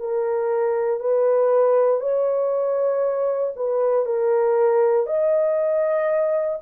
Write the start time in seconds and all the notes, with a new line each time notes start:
0.00 A#4
1.01 B4
2.01 C#5
3.56 B4
4.06 A#4
5.07 D#5